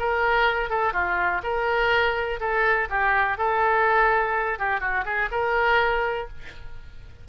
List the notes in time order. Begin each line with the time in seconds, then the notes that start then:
0.00 A#4
0.70 A4
0.94 F4
1.43 A#4
2.41 A4
2.90 G4
3.38 A4
4.59 G4
4.81 F#4
5.05 G#4
5.32 A#4